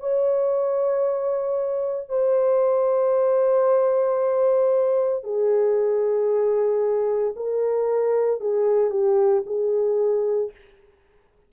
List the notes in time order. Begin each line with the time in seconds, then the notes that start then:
0.00 C#5
2.09 C5
5.23 G#4
7.36 A#4
8.40 G#4
8.90 G4
9.46 G#4